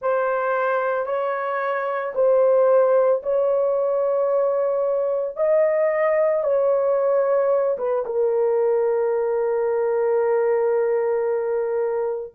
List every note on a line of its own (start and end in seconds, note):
0.01 1.06 C5
1.06 2.13 C#5
2.14 3.21 C5
3.22 5.36 C#5
5.36 6.43 D#5
6.43 7.77 C#5
7.77 8.04 B4
8.05 12.34 A#4